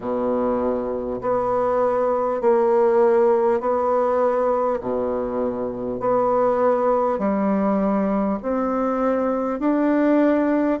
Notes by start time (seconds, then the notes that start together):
0.00 B2
1.21 B3
2.41 A#3
3.60 B3
4.80 B2
6.00 B3
7.18 G3
8.42 C4
9.59 D4